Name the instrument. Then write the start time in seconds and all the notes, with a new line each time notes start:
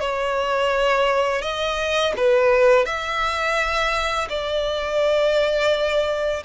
violin
0.00 C#5
1.42 D#5
2.16 B4
2.85 E5
4.29 D5